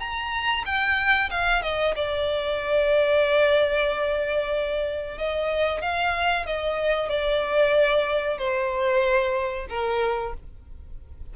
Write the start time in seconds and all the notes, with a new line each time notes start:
0.00 A#5
0.66 G5
1.31 F5
1.63 D#5
1.96 D5
5.18 D#5
5.82 F5
6.46 D#5
7.10 D5
8.38 C5
9.70 A#4